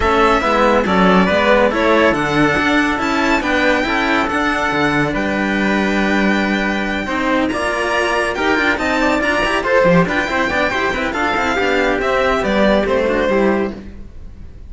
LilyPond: <<
  \new Staff \with { instrumentName = "violin" } { \time 4/4 \tempo 4 = 140 e''2 d''2 | cis''4 fis''2 a''4 | g''2 fis''2 | g''1~ |
g''4. ais''2 g''8~ | g''8 a''4 ais''4 c''4 g''8~ | g''2 f''2 | e''4 d''4 c''2 | }
  \new Staff \with { instrumentName = "trumpet" } { \time 4/4 a'4 e'4 a'4 b'4 | a'1 | b'4 a'2. | b'1~ |
b'8 c''4 d''2 ais'8~ | ais'8 dis''8 d''4. c''4 b'8 | c''8 d''8 c''8 b'8 a'4 g'4~ | g'2~ g'8 fis'8 g'4 | }
  \new Staff \with { instrumentName = "cello" } { \time 4/4 cis'4 b4 cis'4 b4 | e'4 d'2 e'4 | d'4 e'4 d'2~ | d'1~ |
d'8 dis'4 f'2 g'8 | f'8 dis'4 f'8 g'8 a'8 g'8 f'8 | e'8 d'8 g'8 e'8 f'8 e'8 d'4 | c'4 b4 c'8 d'8 e'4 | }
  \new Staff \with { instrumentName = "cello" } { \time 4/4 a4 gis4 fis4 gis4 | a4 d4 d'4 cis'4 | b4 cis'4 d'4 d4 | g1~ |
g8 c'4 ais2 dis'8 | d'8 c'4 d'8 e'8 f'8 f8 d'8 | c'8 b8 e'8 c'8 d'8 c'8 b4 | c'4 g4 a4 g4 | }
>>